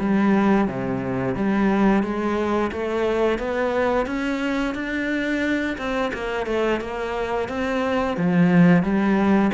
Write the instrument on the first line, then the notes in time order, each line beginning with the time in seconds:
cello
0.00 G3
0.68 C3
1.35 G3
2.03 G#3
2.72 A3
3.39 B3
4.07 C#4
4.75 D4
5.78 C4
6.14 A#3
6.47 A3
6.81 A#3
7.49 C4
8.18 F3
8.83 G3